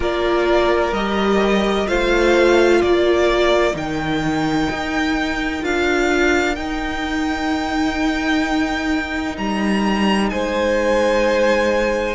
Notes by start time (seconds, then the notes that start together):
0.00 A#3 F4 A#4 D5
0.92 G3 G4 D#5
1.87 A3 F4 C5 F5
2.80 A#3 A#4 D5
3.72 D#3 D#4 G5
4.70 D#4
5.61 D4 F4 F5
6.55 D#4 G5
9.37 G3 A#5
10.29 G#3 C5 G#5